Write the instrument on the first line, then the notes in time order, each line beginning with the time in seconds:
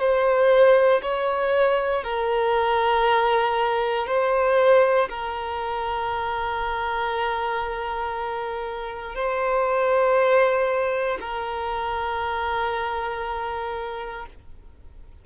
violin
0.00 C5
1.02 C#5
2.04 A#4
4.07 C5
5.09 A#4
9.15 C5
11.21 A#4